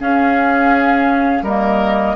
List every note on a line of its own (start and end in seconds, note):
0.00 1.42 C#4
0.00 1.45 C#4
0.00 1.44 G#4
0.00 1.44 F5
1.42 2.15 G3
1.42 2.16 A#3
1.42 2.16 A#4
1.42 2.16 D#5